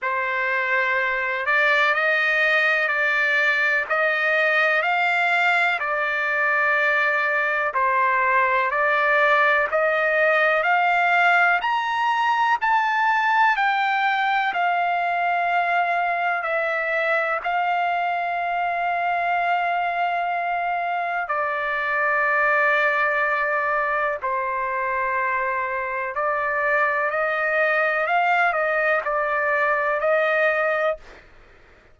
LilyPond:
\new Staff \with { instrumentName = "trumpet" } { \time 4/4 \tempo 4 = 62 c''4. d''8 dis''4 d''4 | dis''4 f''4 d''2 | c''4 d''4 dis''4 f''4 | ais''4 a''4 g''4 f''4~ |
f''4 e''4 f''2~ | f''2 d''2~ | d''4 c''2 d''4 | dis''4 f''8 dis''8 d''4 dis''4 | }